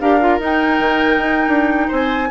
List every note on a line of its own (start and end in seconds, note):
0.00 0.39 D4
0.00 0.21 G4
0.00 1.88 A#4
0.00 0.40 F5
0.21 0.41 F4
0.39 0.79 D#4
0.39 2.31 D#4
0.39 1.93 G5
0.79 1.18 D#3
1.18 1.47 D#4
1.47 1.87 D4
1.88 2.31 C4
1.88 2.28 C5
1.88 2.31 G#5